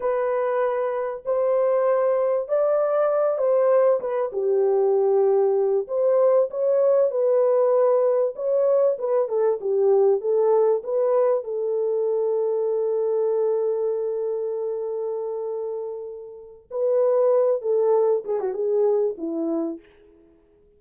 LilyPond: \new Staff \with { instrumentName = "horn" } { \time 4/4 \tempo 4 = 97 b'2 c''2 | d''4. c''4 b'8 g'4~ | g'4. c''4 cis''4 b'8~ | b'4. cis''4 b'8 a'8 g'8~ |
g'8 a'4 b'4 a'4.~ | a'1~ | a'2. b'4~ | b'8 a'4 gis'16 fis'16 gis'4 e'4 | }